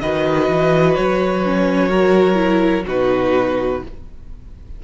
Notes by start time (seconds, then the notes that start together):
0.00 D#3 F#4 B4 D#5
0.49 E3
0.95 F#3 C#5
1.45 C#4
1.89 F#4 A#4
2.35 E4
2.87 B2 D#4 F#4 B4